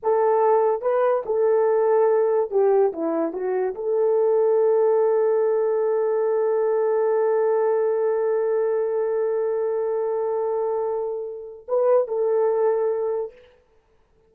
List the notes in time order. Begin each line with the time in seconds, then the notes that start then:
0.02 A4
0.81 B4
1.25 A4
2.50 G4
2.92 E4
3.32 F#4
3.74 A4
11.68 B4
12.07 A4